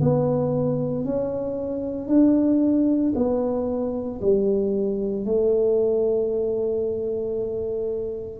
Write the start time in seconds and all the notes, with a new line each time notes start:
0.00 B3
1.04 C#4
2.07 D4
3.15 B3
4.21 G3
5.25 A3